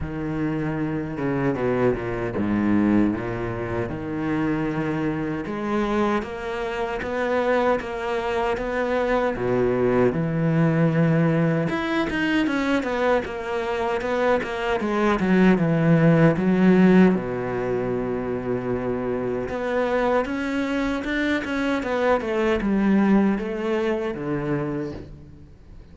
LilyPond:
\new Staff \with { instrumentName = "cello" } { \time 4/4 \tempo 4 = 77 dis4. cis8 b,8 ais,8 gis,4 | ais,4 dis2 gis4 | ais4 b4 ais4 b4 | b,4 e2 e'8 dis'8 |
cis'8 b8 ais4 b8 ais8 gis8 fis8 | e4 fis4 b,2~ | b,4 b4 cis'4 d'8 cis'8 | b8 a8 g4 a4 d4 | }